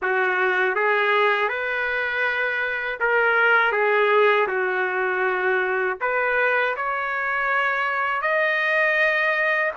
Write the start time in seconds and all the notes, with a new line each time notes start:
0.02 F#4
0.75 G#4
1.49 B4
3.00 A#4
3.72 G#4
4.47 F#4
6.00 B4
6.76 C#5
8.21 D#5